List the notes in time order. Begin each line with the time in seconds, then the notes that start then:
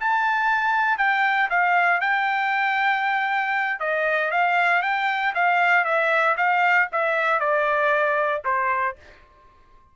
0.00 A5
0.97 G5
1.50 F5
2.00 G5
3.80 D#5
4.31 F5
4.82 G5
5.34 F5
5.84 E5
6.37 F5
6.92 E5
7.39 D5
8.44 C5